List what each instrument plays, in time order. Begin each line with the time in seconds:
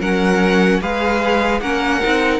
0.00 cello F#3, viola C#4, violin A#4 F#5
0.81 cello G#3, viola G#4, violin B4 F5
1.61 cello A#3, viola C#4, violin A#4 F#5
2.02 cello C4, viola D#4